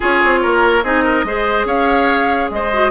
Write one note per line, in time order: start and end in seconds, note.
0.00 0.23 C#4
0.00 0.83 F4
0.00 0.39 G#4
0.00 0.83 C#5
0.24 0.44 C4
0.42 0.83 A#3
0.42 0.84 A#4
0.83 1.24 C4
0.83 1.25 D#4
0.83 1.03 G#4
0.83 1.66 D#5
1.03 1.24 A#4
1.24 1.64 G#3
1.24 2.72 G#4
1.24 1.66 C5
1.64 2.48 C#4
1.64 2.50 C#5
1.64 2.50 F5
2.50 2.91 G#3
2.50 2.91 C5
2.50 2.91 D#5
2.72 2.91 F#4